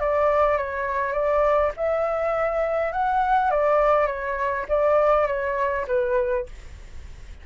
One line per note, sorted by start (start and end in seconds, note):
0.00 0.58 D5
0.58 1.13 C#5
1.13 1.72 D5
1.77 2.92 E5
2.92 3.51 F#5
3.51 4.07 D5
4.07 4.66 C#5
4.69 5.27 D5
5.27 5.86 C#5
5.88 6.47 B4